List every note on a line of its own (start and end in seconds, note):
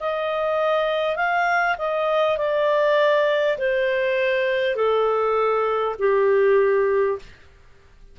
0.00 1.16 D#5
1.16 1.76 F5
1.78 2.38 D#5
2.38 3.58 D5
3.58 4.76 C5
4.76 5.96 A4
5.99 7.19 G4